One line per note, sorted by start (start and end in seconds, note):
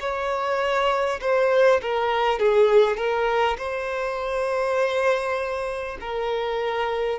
0.00 1.20 C#5
1.21 1.81 C5
1.82 2.39 A#4
2.39 2.97 G#4
2.97 3.57 A#4
3.58 5.98 C5
6.01 7.19 A#4